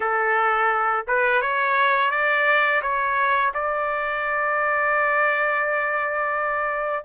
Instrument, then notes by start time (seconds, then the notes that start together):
trumpet
0.00 A4
1.07 B4
1.41 C#5
2.10 D5
2.81 C#5
3.54 D5